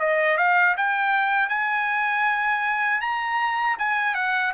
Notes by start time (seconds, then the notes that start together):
0.00 D#5
0.38 F5
0.78 G5
1.49 G#5
3.02 A#5
3.79 G#5
4.15 F#5